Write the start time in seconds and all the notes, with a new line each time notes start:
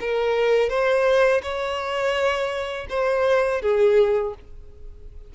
0.00 A#4
0.69 C5
1.42 C#5
2.89 C5
3.61 G#4